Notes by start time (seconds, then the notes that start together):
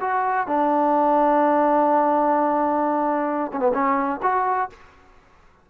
0.00 F#4
0.47 D4
3.53 C#4
3.59 B3
3.73 C#4
4.22 F#4